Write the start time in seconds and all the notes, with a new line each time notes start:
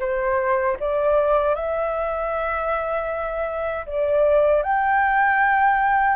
0.00 C5
0.80 D5
1.55 E5
3.86 D5
4.63 G5